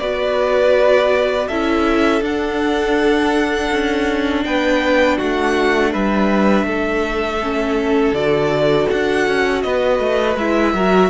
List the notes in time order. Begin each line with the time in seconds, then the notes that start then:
0.00 B3 F#4 B4 D5
1.48 C#4 E4 A4 E5
2.22 D4 F#5
3.71 C#4
4.45 B3 B4 G5
5.18 A3 F#4 F#5
5.93 G3 B4 E5
6.64 A3 A4
7.43 C#4
8.13 D3 F#4 D5
8.90 D4 F#5
9.28 C#4
9.62 B3 B4 D#5
10.00 A3
10.37 G#3 E4 E5
10.74 F#3 F#4 A#4